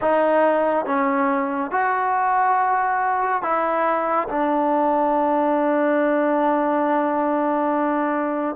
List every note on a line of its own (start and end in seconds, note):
0.01 0.85 D#4
0.85 1.71 C#4
1.71 3.42 F#4
3.42 4.28 E4
4.29 8.56 D4